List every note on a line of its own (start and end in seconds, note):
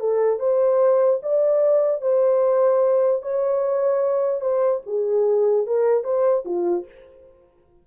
0.00 0.40 A4
0.40 1.20 C5
1.23 2.02 D5
2.02 3.22 C5
3.22 4.41 C#5
4.41 4.81 C5
4.86 5.67 G#4
5.67 6.04 A#4
6.04 6.44 C5
6.45 6.85 F4